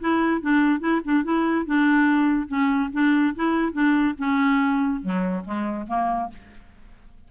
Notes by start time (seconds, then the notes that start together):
0.00 E4
0.42 D4
0.80 E4
1.05 D4
1.24 E4
1.66 D4
2.48 C#4
2.93 D4
3.35 E4
3.72 D4
4.18 C#4
5.02 F#3
5.45 G#3
5.87 A#3